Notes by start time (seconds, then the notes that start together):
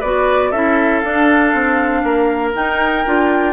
0.00 B3 F#4 B4 D5
0.51 C#4 E4 A4 E5
0.99 D4 F5
1.54 C4
2.03 A#3 A#4
2.54 D#4 G5
3.06 D4 F4